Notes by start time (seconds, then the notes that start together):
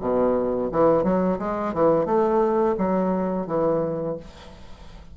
0.00 B2
0.71 E3
1.03 F#3
1.39 G#3
1.73 E3
2.05 A3
2.77 F#3
3.47 E3